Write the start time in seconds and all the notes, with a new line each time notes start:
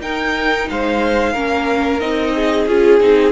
0.00 D#4 A#4 G5
0.70 G#3 C5 F5
1.34 A#3 C#4 A#4
2.00 C4 D#4 D#5
2.36 G#4
2.67 C#4 F4 G#4
3.00 C4 D#4